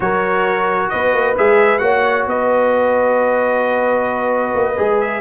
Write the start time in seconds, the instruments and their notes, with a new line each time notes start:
0.00 tuba F#3, trombone F#4, horn A#4, trumpet C#5
0.89 tuba B3, horn B4, trumpet D#5
1.13 tuba A#3
1.37 tuba G#3, trombone G#4, trumpet E5
1.78 tuba A#3, trombone F#4, horn C#5, trumpet F#5
2.26 tuba B3, horn B4, trumpet D#5
4.54 tuba A#3
4.77 tuba G#3, trombone G#4
5.00 trumpet E5